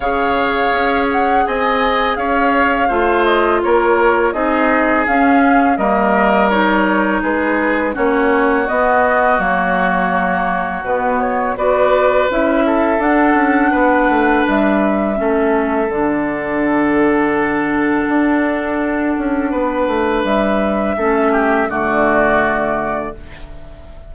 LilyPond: <<
  \new Staff \with { instrumentName = "flute" } { \time 4/4 \tempo 4 = 83 f''4. fis''8 gis''4 f''4~ | f''8 dis''8 cis''4 dis''4 f''4 | dis''4 cis''4 b'4 cis''4 | dis''4 cis''2 b'8 cis''8 |
d''4 e''4 fis''2 | e''2 fis''2~ | fis''1 | e''2 d''2 | }
  \new Staff \with { instrumentName = "oboe" } { \time 4/4 cis''2 dis''4 cis''4 | c''4 ais'4 gis'2 | ais'2 gis'4 fis'4~ | fis'1 |
b'4. a'4. b'4~ | b'4 a'2.~ | a'2. b'4~ | b'4 a'8 g'8 fis'2 | }
  \new Staff \with { instrumentName = "clarinet" } { \time 4/4 gis'1 | f'2 dis'4 cis'4 | ais4 dis'2 cis'4 | b4 ais2 b4 |
fis'4 e'4 d'2~ | d'4 cis'4 d'2~ | d'1~ | d'4 cis'4 a2 | }
  \new Staff \with { instrumentName = "bassoon" } { \time 4/4 cis4 cis'4 c'4 cis'4 | a4 ais4 c'4 cis'4 | g2 gis4 ais4 | b4 fis2 b,4 |
b4 cis'4 d'8 cis'8 b8 a8 | g4 a4 d2~ | d4 d'4. cis'8 b8 a8 | g4 a4 d2 | }
>>